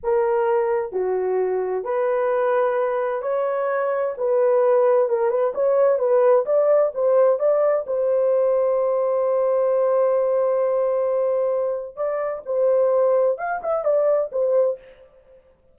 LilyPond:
\new Staff \with { instrumentName = "horn" } { \time 4/4 \tempo 4 = 130 ais'2 fis'2 | b'2. cis''4~ | cis''4 b'2 ais'8 b'8 | cis''4 b'4 d''4 c''4 |
d''4 c''2.~ | c''1~ | c''2 d''4 c''4~ | c''4 f''8 e''8 d''4 c''4 | }